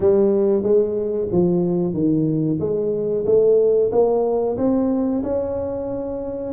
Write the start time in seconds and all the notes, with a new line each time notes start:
0.00 G3
0.63 G#3
1.31 F3
1.93 D#3
2.60 G#3
3.25 A3
3.91 A#3
4.57 C4
5.23 C#4